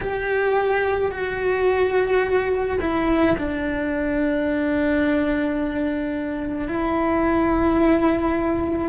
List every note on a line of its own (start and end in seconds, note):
0.00 1.11 G4
1.11 2.78 F#4
2.80 3.36 E4
3.37 6.68 D4
6.68 8.88 E4